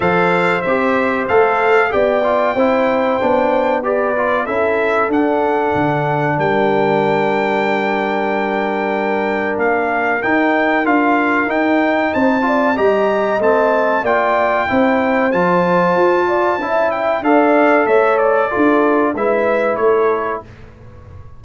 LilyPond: <<
  \new Staff \with { instrumentName = "trumpet" } { \time 4/4 \tempo 4 = 94 f''4 e''4 f''4 g''4~ | g''2 d''4 e''4 | fis''2 g''2~ | g''2. f''4 |
g''4 f''4 g''4 a''4 | ais''4 a''4 g''2 | a''2~ a''8 g''8 f''4 | e''8 d''4. e''4 cis''4 | }
  \new Staff \with { instrumentName = "horn" } { \time 4/4 c''2. d''4 | c''2 b'4 a'4~ | a'2 ais'2~ | ais'1~ |
ais'2. c''8 d''8 | dis''2 d''4 c''4~ | c''4. d''8 e''4 d''4 | cis''4 a'4 b'4 a'4 | }
  \new Staff \with { instrumentName = "trombone" } { \time 4/4 a'4 g'4 a'4 g'8 f'8 | e'4 d'4 g'8 f'8 e'4 | d'1~ | d'1 |
dis'4 f'4 dis'4. f'8 | g'4 c'4 f'4 e'4 | f'2 e'4 a'4~ | a'4 f'4 e'2 | }
  \new Staff \with { instrumentName = "tuba" } { \time 4/4 f4 c'4 a4 b4 | c'4 b2 cis'4 | d'4 d4 g2~ | g2. ais4 |
dis'4 d'4 dis'4 c'4 | g4 a4 ais4 c'4 | f4 f'4 cis'4 d'4 | a4 d'4 gis4 a4 | }
>>